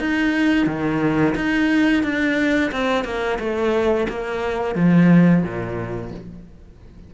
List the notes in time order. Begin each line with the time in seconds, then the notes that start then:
0.00 D#4
0.67 D#3
1.35 D#4
2.03 D4
2.71 C4
3.05 A#3
3.39 A3
4.09 A#3
4.75 F3
5.43 A#2